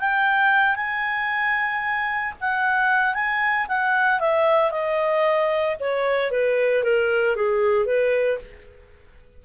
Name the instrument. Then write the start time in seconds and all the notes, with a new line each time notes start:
clarinet
0.00 G5
0.76 G#5
2.41 F#5
3.14 G#5
3.68 F#5
4.20 E5
4.71 D#5
5.80 C#5
6.31 B4
6.84 A#4
7.36 G#4
7.86 B4